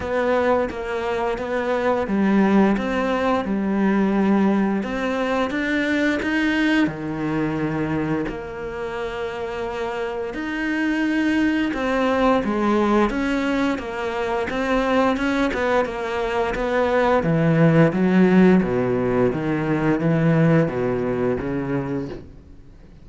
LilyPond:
\new Staff \with { instrumentName = "cello" } { \time 4/4 \tempo 4 = 87 b4 ais4 b4 g4 | c'4 g2 c'4 | d'4 dis'4 dis2 | ais2. dis'4~ |
dis'4 c'4 gis4 cis'4 | ais4 c'4 cis'8 b8 ais4 | b4 e4 fis4 b,4 | dis4 e4 b,4 cis4 | }